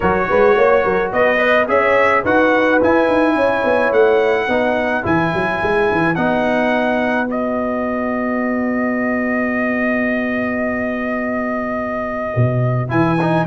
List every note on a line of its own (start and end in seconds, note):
0.00 0.30 F#3
0.00 1.37 F#4
0.00 0.28 A#4
0.00 1.12 C#5
0.29 0.57 G#3
0.29 0.56 B4
0.56 0.84 A#3
0.56 0.84 C#5
0.84 1.12 F#3
0.84 1.12 A#4
1.12 1.68 B3
1.12 1.39 B4
1.12 1.68 D#5
1.37 1.66 B4
1.37 1.67 D#5
1.68 2.24 C#4
1.68 2.24 G#4
1.68 2.23 C#5
1.68 2.24 E5
2.23 2.80 D#4
2.23 2.81 F#4
2.23 3.35 B4
2.23 2.81 F#5
2.81 4.48 E4
2.81 3.08 E4
2.81 3.92 G#5
3.08 3.35 D#4
3.35 3.63 C#4
3.35 4.45 C#5
3.63 3.91 B3
3.91 4.48 A3
3.91 5.04 F#5
4.45 5.04 B3
4.45 5.02 D#4
4.45 13.42 B4
5.02 5.33 E3
5.02 6.14 E4
5.02 6.15 G#5
5.34 5.62 F#3
5.62 5.90 G#3
5.91 6.17 E3
6.15 12.33 B3
6.15 7.26 D#4
6.15 7.27 F#5
7.26 12.87 F#4
7.26 12.90 D#5
12.36 12.90 B2
12.88 13.46 E3
12.88 13.16 E4
12.88 13.46 G#5
13.21 13.46 D#4